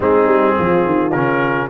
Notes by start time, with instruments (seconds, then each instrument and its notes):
0.00 tuba G#3, trombone C4, horn D#4, trumpet G#4
0.27 tuba G3
0.56 tuba F3, horn F4
0.85 tuba D#3
1.11 tuba C#3, trombone C#4, trumpet A#4